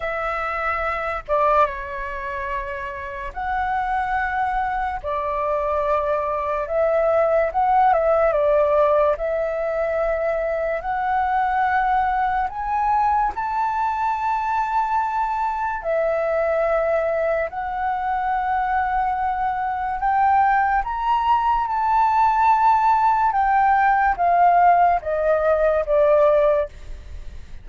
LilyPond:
\new Staff \with { instrumentName = "flute" } { \time 4/4 \tempo 4 = 72 e''4. d''8 cis''2 | fis''2 d''2 | e''4 fis''8 e''8 d''4 e''4~ | e''4 fis''2 gis''4 |
a''2. e''4~ | e''4 fis''2. | g''4 ais''4 a''2 | g''4 f''4 dis''4 d''4 | }